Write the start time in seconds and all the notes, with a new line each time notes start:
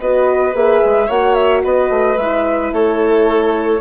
0.00 B3 F#4 B4 D#5
0.54 A#3 G#4 E5
0.85 G#3
1.07 A#3 F#4 C#5 F#5
1.34 E5
1.64 B3 B4 D#5
1.90 A3
2.17 G#3 E4 E5
2.73 A3 A4 C#5